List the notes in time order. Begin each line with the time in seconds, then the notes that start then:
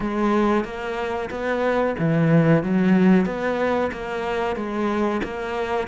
0.00 G#3
0.64 A#3
1.30 B3
1.99 E3
2.63 F#3
3.25 B3
3.91 A#3
4.56 G#3
5.23 A#3